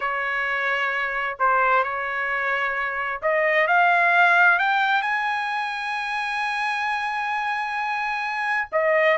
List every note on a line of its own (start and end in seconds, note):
0.00 1.37 C#5
1.39 1.83 C5
1.83 3.20 C#5
3.22 3.67 D#5
3.67 4.58 F5
4.58 5.02 G5
5.02 8.68 G#5
8.72 9.17 D#5